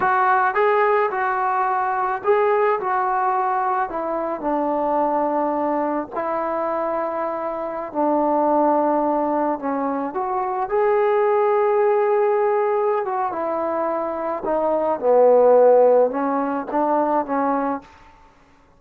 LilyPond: \new Staff \with { instrumentName = "trombone" } { \time 4/4 \tempo 4 = 108 fis'4 gis'4 fis'2 | gis'4 fis'2 e'4 | d'2. e'4~ | e'2~ e'16 d'4.~ d'16~ |
d'4~ d'16 cis'4 fis'4 gis'8.~ | gis'2.~ gis'8 fis'8 | e'2 dis'4 b4~ | b4 cis'4 d'4 cis'4 | }